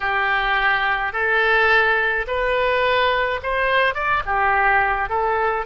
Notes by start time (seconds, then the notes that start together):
0.00 G4
1.13 A4
2.27 B4
3.42 C5
3.94 D5
4.25 G4
5.09 A4